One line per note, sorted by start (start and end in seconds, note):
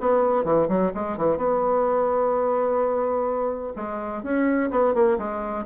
0.00 0.44 B3
0.44 0.68 E3
0.68 0.92 F#3
0.94 1.17 G#3
1.17 1.37 E3
1.37 3.73 B3
3.76 4.23 G#3
4.23 4.70 C#4
4.70 4.94 B3
4.94 5.18 A#3
5.18 5.65 G#3